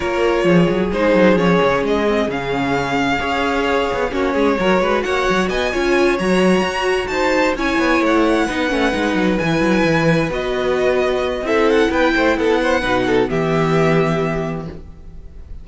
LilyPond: <<
  \new Staff \with { instrumentName = "violin" } { \time 4/4 \tempo 4 = 131 cis''2 c''4 cis''4 | dis''4 f''2.~ | f''4 cis''2 fis''4 | gis''4. ais''2 a''8~ |
a''8 gis''4 fis''2~ fis''8~ | fis''8 gis''2 dis''4.~ | dis''4 e''8 fis''8 g''4 fis''4~ | fis''4 e''2. | }
  \new Staff \with { instrumentName = "violin" } { \time 4/4 ais'4 gis'2.~ | gis'2. cis''4~ | cis''4 fis'8 gis'8 ais'8 b'8 cis''4 | dis''8 cis''2. c''8~ |
c''8 cis''2 b'4.~ | b'1~ | b'4 a'4 b'8 c''8 a'8 c''8 | b'8 a'8 g'2. | }
  \new Staff \with { instrumentName = "viola" } { \time 4/4 f'2 dis'4 cis'4~ | cis'8 c'8 cis'2 gis'4~ | gis'4 cis'4 fis'2~ | fis'8 f'4 fis'2~ fis'8~ |
fis'8 e'2 dis'8 cis'8 dis'8~ | dis'8 e'2 fis'4.~ | fis'4 e'2. | dis'4 b2. | }
  \new Staff \with { instrumentName = "cello" } { \time 4/4 ais4 f8 fis8 gis8 fis8 f8 cis8 | gis4 cis2 cis'4~ | cis'8 b8 ais8 gis8 fis8 gis8 ais8 fis8 | b8 cis'4 fis4 fis'4 dis'8~ |
dis'8 cis'8 b8 a4 b8 a8 gis8 | fis8 e8 fis8 e4 b4.~ | b4 c'4 b8 a8 b4 | b,4 e2. | }
>>